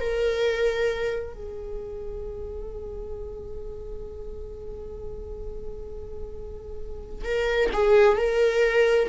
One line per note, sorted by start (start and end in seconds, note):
0.00 1.33 A#4
1.33 7.24 G#4
7.24 7.69 A#4
7.73 8.17 G#4
8.17 9.08 A#4